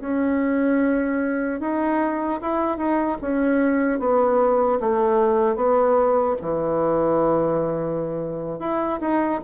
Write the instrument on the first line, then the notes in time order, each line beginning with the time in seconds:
bassoon
0.00 C#4
1.60 D#4
2.41 E4
2.77 D#4
3.21 C#4
3.99 B3
4.80 A3
5.56 B3
6.41 E3
8.59 E4
9.00 D#4